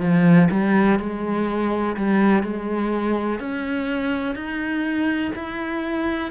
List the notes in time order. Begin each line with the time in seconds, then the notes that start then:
0.00 F3
0.51 G3
0.99 G#3
1.96 G3
2.43 G#3
3.40 C#4
4.35 D#4
5.35 E4